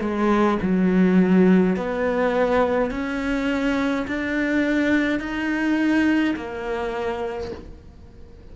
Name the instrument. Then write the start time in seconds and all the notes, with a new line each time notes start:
cello
0.00 G#3
0.62 F#3
1.76 B3
2.91 C#4
4.07 D4
5.19 D#4
6.36 A#3